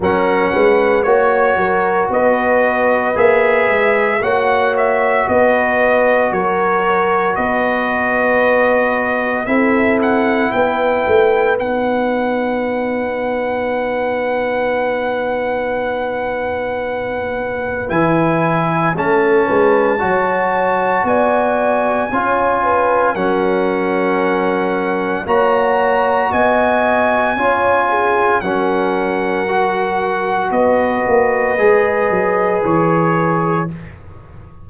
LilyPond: <<
  \new Staff \with { instrumentName = "trumpet" } { \time 4/4 \tempo 4 = 57 fis''4 cis''4 dis''4 e''4 | fis''8 e''8 dis''4 cis''4 dis''4~ | dis''4 e''8 fis''8 g''4 fis''4~ | fis''1~ |
fis''4 gis''4 a''2 | gis''2 fis''2 | ais''4 gis''2 fis''4~ | fis''4 dis''2 cis''4 | }
  \new Staff \with { instrumentName = "horn" } { \time 4/4 ais'8 b'8 cis''8 ais'8 b'2 | cis''4 b'4 ais'4 b'4~ | b'4 a'4 b'2~ | b'1~ |
b'2 a'8 b'8 cis''4 | d''4 cis''8 b'8 ais'2 | cis''4 dis''4 cis''8 gis'8 ais'4~ | ais'4 b'2. | }
  \new Staff \with { instrumentName = "trombone" } { \time 4/4 cis'4 fis'2 gis'4 | fis'1~ | fis'4 e'2 dis'4~ | dis'1~ |
dis'4 e'4 cis'4 fis'4~ | fis'4 f'4 cis'2 | fis'2 f'4 cis'4 | fis'2 gis'2 | }
  \new Staff \with { instrumentName = "tuba" } { \time 4/4 fis8 gis8 ais8 fis8 b4 ais8 gis8 | ais4 b4 fis4 b4~ | b4 c'4 b8 a8 b4~ | b1~ |
b4 e4 a8 gis8 fis4 | b4 cis'4 fis2 | ais4 b4 cis'4 fis4~ | fis4 b8 ais8 gis8 fis8 e4 | }
>>